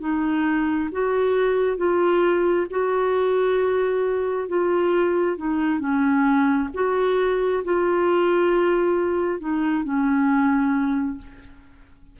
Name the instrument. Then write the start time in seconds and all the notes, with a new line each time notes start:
clarinet
0.00 D#4
0.92 F#4
1.77 F4
2.70 F#4
4.49 F4
5.37 D#4
5.80 C#4
6.74 F#4
7.64 F4
9.40 D#4
9.84 C#4